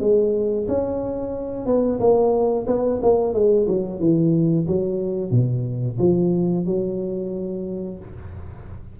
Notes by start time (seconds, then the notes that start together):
0.00 G#3
0.68 C#4
1.66 B3
1.99 A#3
2.67 B3
3.02 A#3
3.33 G#3
3.68 F#3
4.00 E3
4.67 F#3
5.31 B2
5.99 F3
6.65 F#3